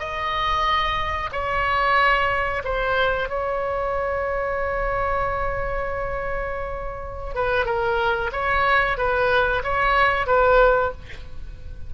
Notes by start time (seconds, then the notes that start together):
0.00 D#5
1.33 C#5
2.65 C5
3.29 C#5
7.35 B4
7.66 A#4
8.33 C#5
8.98 B4
9.64 C#5
10.27 B4